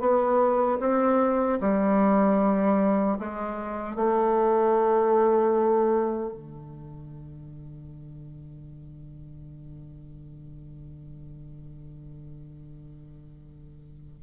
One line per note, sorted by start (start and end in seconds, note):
0.00 0.79 B3
0.80 1.59 C4
1.61 3.19 G3
3.19 3.96 G#3
3.96 6.33 A3
6.33 14.22 D3